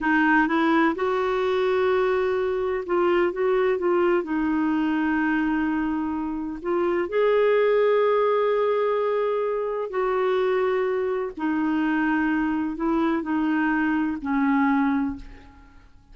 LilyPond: \new Staff \with { instrumentName = "clarinet" } { \time 4/4 \tempo 4 = 127 dis'4 e'4 fis'2~ | fis'2 f'4 fis'4 | f'4 dis'2.~ | dis'2 f'4 gis'4~ |
gis'1~ | gis'4 fis'2. | dis'2. e'4 | dis'2 cis'2 | }